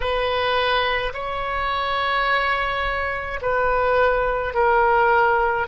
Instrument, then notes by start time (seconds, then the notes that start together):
oboe
0.00 B4
1.13 C#5
3.41 B4
4.54 A#4